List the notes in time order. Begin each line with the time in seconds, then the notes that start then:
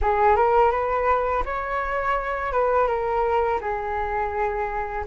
0.01 G#4
0.36 A#4
0.71 B4
1.45 C#5
2.52 B4
2.87 A#4
3.60 G#4